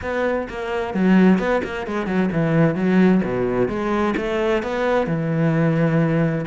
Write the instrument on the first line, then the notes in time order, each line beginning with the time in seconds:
cello
0.01 B3
0.49 A#3
0.94 F#3
1.38 B3
1.63 A#3
1.87 G#3
2.06 F#3
2.32 E3
2.75 F#3
3.24 B2
3.68 G#3
4.16 A3
4.63 B3
5.06 E3